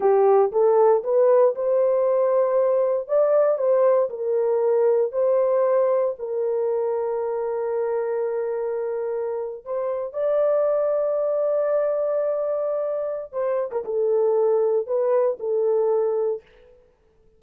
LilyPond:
\new Staff \with { instrumentName = "horn" } { \time 4/4 \tempo 4 = 117 g'4 a'4 b'4 c''4~ | c''2 d''4 c''4 | ais'2 c''2 | ais'1~ |
ais'2~ ais'8. c''4 d''16~ | d''1~ | d''2 c''8. ais'16 a'4~ | a'4 b'4 a'2 | }